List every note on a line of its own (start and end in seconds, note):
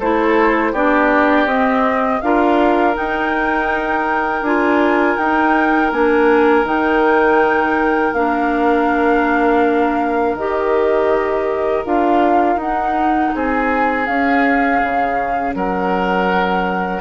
0.00 0.73 A3
0.00 0.75 E4
0.00 0.73 A4
0.00 0.75 C5
0.73 1.46 B3
0.73 1.48 D4
0.73 2.21 G4
0.73 1.48 D5
1.46 2.20 C4
1.46 2.22 C4
1.46 2.21 D#5
2.21 2.97 D4
2.21 2.94 F4
2.21 13.35 A#4
2.21 2.96 F5
2.94 4.42 D#4
2.94 4.45 G5
4.42 5.16 D4
4.42 5.20 F4
4.42 5.17 G#5
5.17 5.92 D#4
5.17 5.93 D#4
5.17 5.91 G5
5.92 6.65 A#3
5.92 6.66 D4
5.92 6.66 G#5
6.65 8.13 D#3
6.65 8.14 D#4
6.65 8.14 G5
8.13 10.35 A#3
8.13 10.38 D4
8.13 10.36 F5
10.35 11.83 D#3
10.35 11.85 G4
10.35 11.85 D#5
11.85 12.56 D4
11.85 12.59 F4
11.85 12.60 F5
12.56 13.30 D#4
12.56 14.05 D#4
12.56 13.34 F#5
13.35 14.09 C4
13.35 15.56 G#4
13.35 14.06 G#5
14.05 17.01 C#4
14.05 14.83 C#4
14.05 15.55 F5
14.83 15.55 C#3
15.55 17.01 F#3
15.55 17.01 A#4
15.55 17.01 F#5